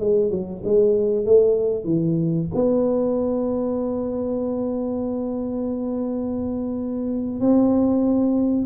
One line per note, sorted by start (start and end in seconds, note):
0.00 0.31 G#3
0.31 0.63 F#3
0.65 1.26 G#3
1.26 1.85 A3
1.85 2.48 E3
2.55 7.40 B3
7.40 8.66 C4